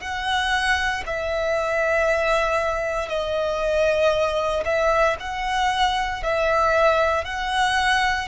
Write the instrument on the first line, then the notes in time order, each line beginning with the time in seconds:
violin
0.00 F#5
1.06 E5
3.08 D#5
4.65 E5
5.20 F#5
6.23 E5
7.25 F#5